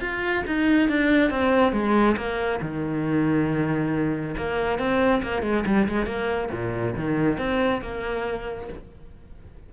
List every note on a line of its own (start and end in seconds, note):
0.00 0.43 F4
0.47 0.88 D#4
0.88 1.30 D4
1.30 1.72 C4
1.72 2.16 G#3
2.16 2.60 A#3
2.61 4.35 D#3
4.37 4.78 A#3
4.78 5.22 C4
5.22 5.42 A#3
5.42 5.64 G#3
5.66 5.88 G3
5.88 6.06 G#3
6.06 6.49 A#3
6.51 6.95 A#2
6.95 7.38 D#3
7.38 7.81 C4
7.81 8.68 A#3